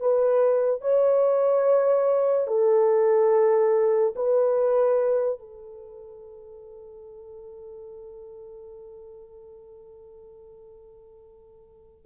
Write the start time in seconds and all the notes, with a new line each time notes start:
0.00 B4
0.81 C#5
2.47 A4
4.16 B4
5.39 A4